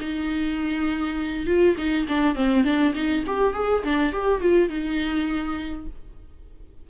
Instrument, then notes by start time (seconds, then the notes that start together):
viola
0.00 D#4
1.47 F4
1.77 D#4
2.08 D4
2.35 C4
2.64 D4
2.95 D#4
3.27 G4
3.54 G#4
3.84 D4
4.13 G4
4.41 F4
4.69 D#4